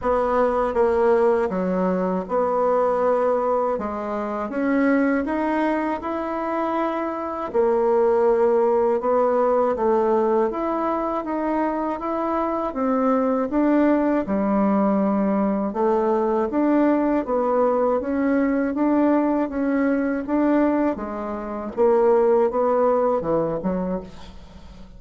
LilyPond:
\new Staff \with { instrumentName = "bassoon" } { \time 4/4 \tempo 4 = 80 b4 ais4 fis4 b4~ | b4 gis4 cis'4 dis'4 | e'2 ais2 | b4 a4 e'4 dis'4 |
e'4 c'4 d'4 g4~ | g4 a4 d'4 b4 | cis'4 d'4 cis'4 d'4 | gis4 ais4 b4 e8 fis8 | }